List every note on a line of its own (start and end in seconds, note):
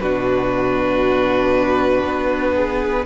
0.00 2.04 B2
0.00 3.06 D4
0.00 2.55 F#4
0.00 3.05 B4
2.04 3.06 B3
2.55 3.06 G#4